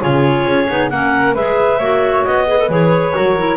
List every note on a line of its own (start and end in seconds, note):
0.00 0.45 C#3
0.00 0.67 F4
0.00 0.90 G#4
0.00 0.89 C#5
0.45 0.67 C#4
0.68 0.90 B3
0.68 0.91 D#4
0.89 1.35 A#3
0.89 1.36 C#4
0.89 1.34 A#4
0.89 1.34 F#5
1.34 1.79 G#3
1.34 1.80 G#4
1.34 1.78 B4
1.34 2.25 E5
1.78 2.24 A#3
1.78 2.47 F#4
1.78 2.46 C#5
2.25 2.69 B3
2.25 2.69 D#5
2.47 2.58 G#4
2.47 3.14 B4
2.58 2.69 A4
2.69 3.14 E3
2.69 3.13 G#4
2.69 3.57 C#5
3.13 3.57 F#3
3.13 3.35 F#4
3.13 3.57 A#4
3.37 3.57 E4